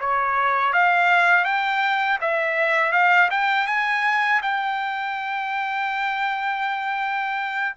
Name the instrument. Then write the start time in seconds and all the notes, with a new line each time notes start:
trumpet
0.00 C#5
0.73 F5
1.45 G5
2.21 E5
2.92 F5
3.31 G5
3.67 G#5
4.42 G5